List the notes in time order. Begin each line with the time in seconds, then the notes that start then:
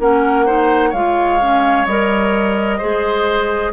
0.00 A#3 C#4 A#4 F#5
0.46 D#4 C5
0.90 G#3 F4 C#5 F5
1.41 C#4
1.86 G3 A#4 D#5
2.78 G#3 G#4 C5